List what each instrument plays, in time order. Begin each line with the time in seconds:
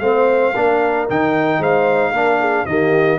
0.00 tuba A3, trombone C4, horn C5, trumpet F5
0.55 tuba A#3, trombone D4, horn A#4
1.09 tuba D#3, trombone D#4, trumpet G5
1.59 tuba G#3, horn C5, trumpet F5
2.11 tuba A#3, trombone D4, horn A#4
2.40 horn G#4
2.66 tuba D#3, trombone A#3, horn G4, trumpet D#5